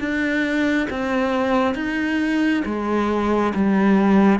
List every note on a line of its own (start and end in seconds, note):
0.00 0.88 D4
0.91 1.75 C4
1.75 2.64 D#4
2.66 3.54 G#3
3.55 4.40 G3